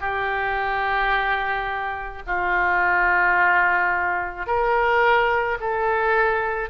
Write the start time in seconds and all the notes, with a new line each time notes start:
0.00 G4
2.26 F4
4.46 A#4
5.60 A4